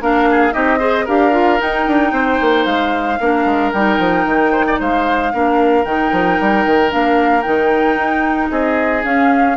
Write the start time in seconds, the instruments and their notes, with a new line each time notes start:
0.00 bassoon A#3, clarinet D4, oboe A#4, flute F5
0.30 oboe G#4
0.52 bassoon C4, clarinet D#4, oboe G4, flute D#5
0.79 clarinet G#4, oboe C5
1.05 bassoon D4, clarinet G4, oboe A#4, flute F5
1.32 clarinet F4
1.58 clarinet D#4, bassoon D#4, flute G5
1.87 bassoon D4
2.12 bassoon C4, oboe C5
2.41 bassoon A#3
2.65 bassoon G#3, flute F5
3.20 bassoon A#3, clarinet D4, oboe A#4
3.44 bassoon G#3
3.72 bassoon G3, clarinet D#4, flute G5
3.98 bassoon F3
4.24 bassoon D#3
4.52 oboe C5
4.67 oboe D5
4.79 bassoon G#3, oboe C5, flute F5
5.33 bassoon A#3, clarinet D4, oboe A#4
5.84 bassoon D#3, clarinet D#4, flute G5
6.12 bassoon F3
6.40 bassoon G3
6.65 bassoon D#3
6.89 bassoon A#3, clarinet D4, flute F5
7.41 bassoon D#3, clarinet D#4, flute G5
7.96 bassoon D#4
8.50 bassoon C4, oboe G#4, flute D#5
9.03 clarinet C#4, bassoon C#4, flute F5